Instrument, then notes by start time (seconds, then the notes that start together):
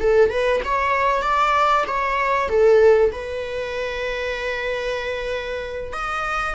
viola
0.00 A4
0.30 B4
0.64 C#5
1.22 D5
1.87 C#5
2.49 A4
3.12 B4
5.93 D#5